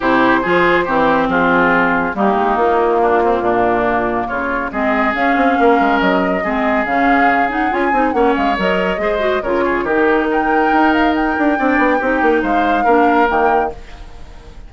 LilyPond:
<<
  \new Staff \with { instrumentName = "flute" } { \time 4/4 \tempo 4 = 140 c''2. gis'4~ | gis'4 g'4 f'2~ | f'2 cis''4 dis''4 | f''2 dis''2 |
f''4. fis''8 gis''4 fis''8 f''8 | dis''2 cis''4 ais'4 | g''4. f''8 g''2~ | g''4 f''2 g''4 | }
  \new Staff \with { instrumentName = "oboe" } { \time 4/4 g'4 gis'4 g'4 f'4~ | f'4 dis'2 d'8 c'8 | d'2 f'4 gis'4~ | gis'4 ais'2 gis'4~ |
gis'2. cis''4~ | cis''4 c''4 ais'8 gis'8 g'4 | ais'2. d''4 | g'4 c''4 ais'2 | }
  \new Staff \with { instrumentName = "clarinet" } { \time 4/4 e'4 f'4 c'2~ | c'4 ais2.~ | ais2. c'4 | cis'2. c'4 |
cis'4. dis'8 f'8 dis'8 cis'4 | ais'4 gis'8 fis'8 f'4 dis'4~ | dis'2. d'4 | dis'2 d'4 ais4 | }
  \new Staff \with { instrumentName = "bassoon" } { \time 4/4 c4 f4 e4 f4~ | f4 g8 gis8 ais2 | ais,2 cis4 gis4 | cis'8 c'8 ais8 gis8 fis4 gis4 |
cis2 cis'8 c'8 ais8 gis8 | fis4 gis4 cis4 dis4~ | dis4 dis'4. d'8 c'8 b8 | c'8 ais8 gis4 ais4 dis4 | }
>>